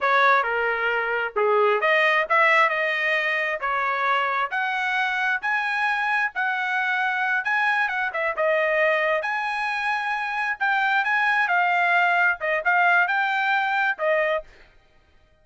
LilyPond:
\new Staff \with { instrumentName = "trumpet" } { \time 4/4 \tempo 4 = 133 cis''4 ais'2 gis'4 | dis''4 e''4 dis''2 | cis''2 fis''2 | gis''2 fis''2~ |
fis''8 gis''4 fis''8 e''8 dis''4.~ | dis''8 gis''2. g''8~ | g''8 gis''4 f''2 dis''8 | f''4 g''2 dis''4 | }